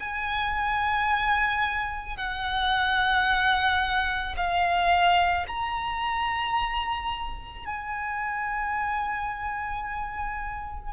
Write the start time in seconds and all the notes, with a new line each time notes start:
0.00 G#5
2.17 F#5
4.37 F5
5.48 A#5
7.66 G#5